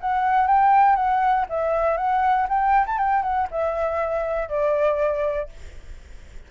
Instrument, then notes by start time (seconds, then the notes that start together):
flute
0.00 F#5
0.47 G5
0.95 F#5
1.49 E5
1.97 F#5
2.48 G5
2.86 A5
2.97 G5
3.22 F#5
3.50 E5
4.48 D5